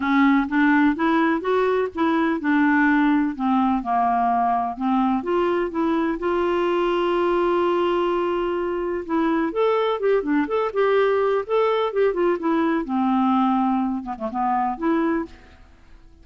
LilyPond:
\new Staff \with { instrumentName = "clarinet" } { \time 4/4 \tempo 4 = 126 cis'4 d'4 e'4 fis'4 | e'4 d'2 c'4 | ais2 c'4 f'4 | e'4 f'2.~ |
f'2. e'4 | a'4 g'8 d'8 a'8 g'4. | a'4 g'8 f'8 e'4 c'4~ | c'4. b16 a16 b4 e'4 | }